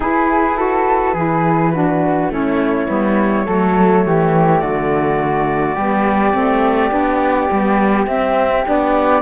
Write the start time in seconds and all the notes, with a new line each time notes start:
0.00 E4 G#4 B4
0.57 F#4 A4
1.13 E3 E4 G#4
1.73 D4 F#4
2.29 A3 C#4 E4 C#5
2.88 G3 B3
3.45 F#3 A3 A4
4.06 E3 G4
4.59 D3 F#4 D5
5.75 G3 B3 G4
6.33 A3 C4
6.90 B3 D4
7.51 G3 B3
8.06 C4 E5
8.65 B3 D4 D5